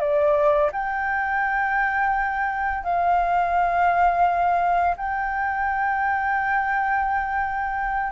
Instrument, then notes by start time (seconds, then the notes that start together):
flute
0.00 D5
0.72 G5
2.84 F5
4.97 G5